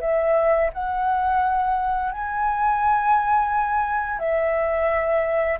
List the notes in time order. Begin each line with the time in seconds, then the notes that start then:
0.00 E5
0.73 F#5
2.11 G#5
4.19 E5